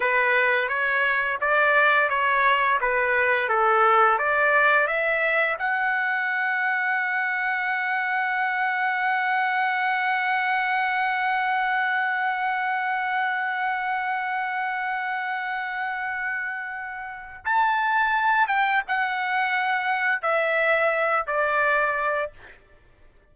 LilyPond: \new Staff \with { instrumentName = "trumpet" } { \time 4/4 \tempo 4 = 86 b'4 cis''4 d''4 cis''4 | b'4 a'4 d''4 e''4 | fis''1~ | fis''1~ |
fis''1~ | fis''1~ | fis''4 a''4. g''8 fis''4~ | fis''4 e''4. d''4. | }